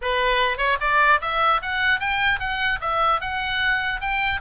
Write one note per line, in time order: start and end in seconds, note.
0.01 0.57 B4
0.57 0.77 C#5
0.80 1.20 D5
1.21 1.61 E5
1.61 2.00 F#5
2.00 2.39 G5
2.39 2.79 F#5
2.80 3.20 E5
3.20 4.00 F#5
4.00 4.40 G5